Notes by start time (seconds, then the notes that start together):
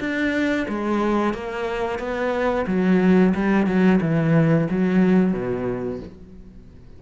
0.00 D4
0.68 G#3
1.34 A#3
1.99 B3
2.67 F#3
3.35 G3
3.67 F#3
4.01 E3
4.70 F#3
5.33 B2